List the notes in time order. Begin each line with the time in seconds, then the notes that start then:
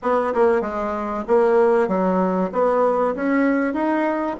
0.02 B3
0.34 A#3
0.61 G#3
1.27 A#3
1.88 F#3
2.52 B3
3.15 C#4
3.73 D#4